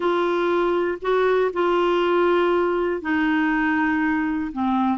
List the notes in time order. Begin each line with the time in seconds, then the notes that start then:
0.00 F4
1.01 F#4
1.52 F4
3.01 D#4
4.52 C4